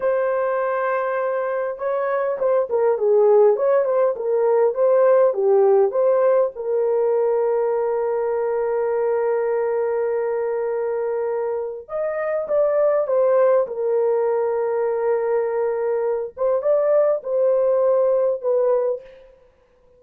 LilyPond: \new Staff \with { instrumentName = "horn" } { \time 4/4 \tempo 4 = 101 c''2. cis''4 | c''8 ais'8 gis'4 cis''8 c''8 ais'4 | c''4 g'4 c''4 ais'4~ | ais'1~ |
ais'1 | dis''4 d''4 c''4 ais'4~ | ais'2.~ ais'8 c''8 | d''4 c''2 b'4 | }